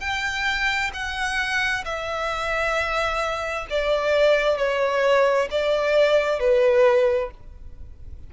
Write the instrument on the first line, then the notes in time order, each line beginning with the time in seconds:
violin
0.00 G5
0.93 F#5
1.85 E5
3.70 D5
4.57 C#5
5.50 D5
6.40 B4